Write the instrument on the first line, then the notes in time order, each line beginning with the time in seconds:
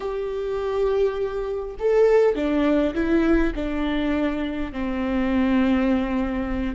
viola
0.00 G4
1.79 A4
2.35 D4
2.94 E4
3.55 D4
4.72 C4